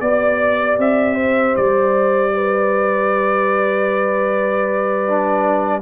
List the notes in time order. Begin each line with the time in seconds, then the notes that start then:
0.00 B3 G4 D5
0.78 C4 E5
1.14 C5
1.56 G3 D5
2.34 B4
5.07 D4